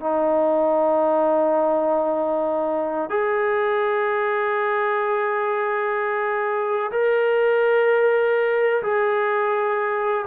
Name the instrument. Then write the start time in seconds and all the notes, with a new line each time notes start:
trombone
0.00 D#4
3.10 G#4
6.91 A#4
8.82 G#4